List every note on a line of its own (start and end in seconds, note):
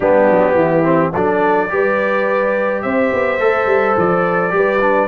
0.00 0.28 G3
0.00 0.83 B3
0.00 0.56 D4
0.00 1.13 G4
0.30 0.54 F#3
0.54 1.11 E3
0.54 1.12 E4
0.83 1.12 C4
1.12 1.72 F#3
1.12 1.69 D4
1.12 1.69 A4
1.12 2.82 D5
1.69 2.84 G3
1.69 3.39 G4
1.69 2.84 B4
2.82 3.12 C4
2.82 4.54 C5
2.82 3.95 E5
3.13 3.39 B3
3.39 3.65 A3
3.39 4.50 A4
3.65 3.94 G3
3.97 4.52 F3
3.97 5.08 D5
4.50 5.08 G3
4.50 4.78 G4
4.50 5.08 B4
4.81 5.08 D4